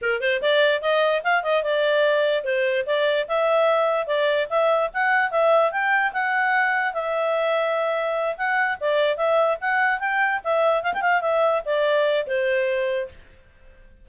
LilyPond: \new Staff \with { instrumentName = "clarinet" } { \time 4/4 \tempo 4 = 147 ais'8 c''8 d''4 dis''4 f''8 dis''8 | d''2 c''4 d''4 | e''2 d''4 e''4 | fis''4 e''4 g''4 fis''4~ |
fis''4 e''2.~ | e''8 fis''4 d''4 e''4 fis''8~ | fis''8 g''4 e''4 f''16 g''16 f''8 e''8~ | e''8 d''4. c''2 | }